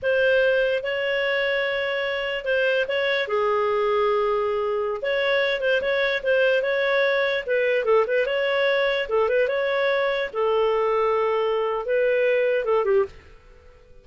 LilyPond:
\new Staff \with { instrumentName = "clarinet" } { \time 4/4 \tempo 4 = 147 c''2 cis''2~ | cis''2 c''4 cis''4 | gis'1~ | gis'16 cis''4. c''8 cis''4 c''8.~ |
c''16 cis''2 b'4 a'8 b'16~ | b'16 cis''2 a'8 b'8 cis''8.~ | cis''4~ cis''16 a'2~ a'8.~ | a'4 b'2 a'8 g'8 | }